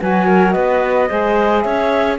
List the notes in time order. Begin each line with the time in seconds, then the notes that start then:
0.00 F#3 F#4 B4 G#5
0.27 A#4
0.51 B3 B4 D#5
1.08 G#3 G#4 C5
1.61 C#4 C#5 E5